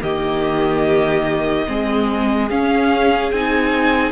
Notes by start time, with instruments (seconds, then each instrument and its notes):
0.00 cello D#3, viola A#3, violin G4 D#5
1.68 cello G#3, viola C4, violin G#4
2.50 cello C#4, viola C#4, violin F5
3.32 cello C4, viola D#4, violin G#5